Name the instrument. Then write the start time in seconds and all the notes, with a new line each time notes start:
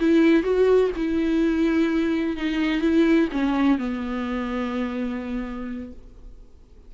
viola
0.00 E4
0.44 F#4
0.97 E4
2.37 D#4
2.81 E4
3.32 C#4
3.79 B3